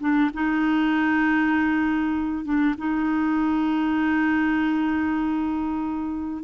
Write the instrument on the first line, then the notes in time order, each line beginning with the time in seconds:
clarinet
0.00 D4
0.34 D#4
2.45 D4
2.78 D#4